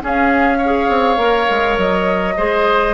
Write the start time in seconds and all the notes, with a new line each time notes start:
0.00 C#4 G#4 F5
0.57 C#5
0.64 G#4
0.89 C4
1.16 A#3 A#4
1.50 G#3
1.77 F#3 D#5
2.36 G#3 G#4 C5